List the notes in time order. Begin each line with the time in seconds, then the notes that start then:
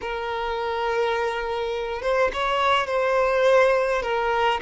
0.01 A#4
2.02 C5
2.33 C#5
2.86 C5
4.02 A#4